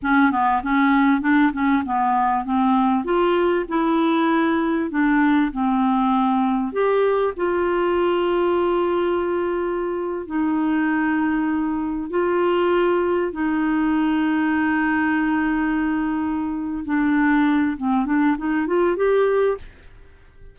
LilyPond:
\new Staff \with { instrumentName = "clarinet" } { \time 4/4 \tempo 4 = 98 cis'8 b8 cis'4 d'8 cis'8 b4 | c'4 f'4 e'2 | d'4 c'2 g'4 | f'1~ |
f'8. dis'2. f'16~ | f'4.~ f'16 dis'2~ dis'16~ | dis'2.~ dis'8 d'8~ | d'4 c'8 d'8 dis'8 f'8 g'4 | }